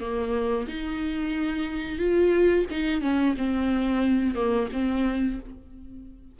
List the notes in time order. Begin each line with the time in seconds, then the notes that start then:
0.00 A#3
0.68 D#4
1.98 F4
2.70 D#4
3.01 C#4
3.37 C4
4.35 A#3
4.72 C4